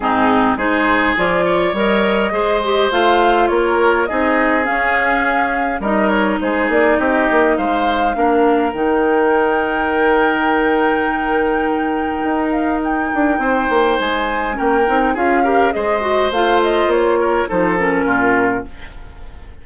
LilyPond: <<
  \new Staff \with { instrumentName = "flute" } { \time 4/4 \tempo 4 = 103 gis'4 c''4 d''4 dis''4~ | dis''4 f''4 cis''4 dis''4 | f''2 dis''8 cis''8 c''8 d''8 | dis''4 f''2 g''4~ |
g''1~ | g''4. f''8 g''2 | gis''4 g''4 f''4 dis''4 | f''8 dis''8 cis''4 c''8 ais'4. | }
  \new Staff \with { instrumentName = "oboe" } { \time 4/4 dis'4 gis'4. cis''4. | c''2 ais'4 gis'4~ | gis'2 ais'4 gis'4 | g'4 c''4 ais'2~ |
ais'1~ | ais'2. c''4~ | c''4 ais'4 gis'8 ais'8 c''4~ | c''4. ais'8 a'4 f'4 | }
  \new Staff \with { instrumentName = "clarinet" } { \time 4/4 c'4 dis'4 f'4 ais'4 | gis'8 g'8 f'2 dis'4 | cis'2 dis'2~ | dis'2 d'4 dis'4~ |
dis'1~ | dis'1~ | dis'4 cis'8 dis'8 f'8 g'8 gis'8 fis'8 | f'2 dis'8 cis'4. | }
  \new Staff \with { instrumentName = "bassoon" } { \time 4/4 gis,4 gis4 f4 g4 | gis4 a4 ais4 c'4 | cis'2 g4 gis8 ais8 | c'8 ais8 gis4 ais4 dis4~ |
dis1~ | dis4 dis'4. d'8 c'8 ais8 | gis4 ais8 c'8 cis'4 gis4 | a4 ais4 f4 ais,4 | }
>>